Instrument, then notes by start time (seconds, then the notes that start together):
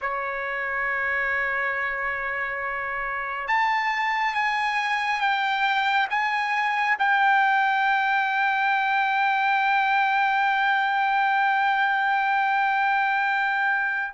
trumpet
0.01 C#5
3.47 A5
4.34 G#5
5.20 G5
6.09 G#5
6.98 G5